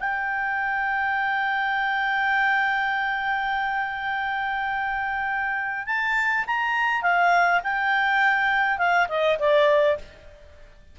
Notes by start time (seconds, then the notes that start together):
0.00 G5
5.86 A5
6.47 A#5
7.02 F5
7.63 G5
8.78 F5
9.09 D#5
9.39 D5